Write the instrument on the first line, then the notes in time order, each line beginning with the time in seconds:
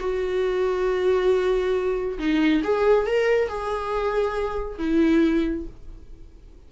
viola
0.00 F#4
2.19 D#4
2.64 G#4
3.07 A#4
3.49 G#4
4.79 E4